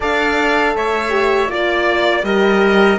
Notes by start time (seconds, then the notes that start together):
0.00 D4 A4 D5 F5
0.75 A3 C#5 E5
1.09 G4
1.48 A#3 F4 D5
2.23 G3 G4 A#4 D#5